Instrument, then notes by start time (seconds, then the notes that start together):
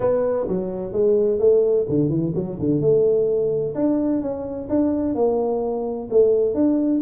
tuba
0.00 B3
0.47 F#3
0.92 G#3
1.39 A3
1.89 D3
2.09 E3
2.35 F#3
2.59 D3
2.80 A3
3.75 D4
4.21 C#4
4.69 D4
5.14 A#3
6.10 A3
6.54 D4